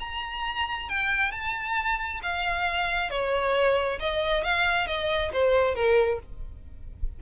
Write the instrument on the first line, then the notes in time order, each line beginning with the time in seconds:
violin
0.00 A#5
0.89 G5
1.32 A5
2.23 F5
3.10 C#5
4.00 D#5
4.44 F5
4.87 D#5
5.33 C5
5.75 A#4